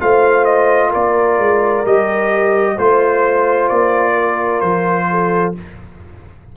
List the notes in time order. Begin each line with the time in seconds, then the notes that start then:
0.00 A3 F4 C5 F5
0.45 D#5
0.89 A#3 A#4 D5
1.38 G#3
1.85 G3 G4 D#5
2.75 A3 F4 C5
3.68 A#3 D5
4.13 A#4
4.60 F3 C5
5.10 A4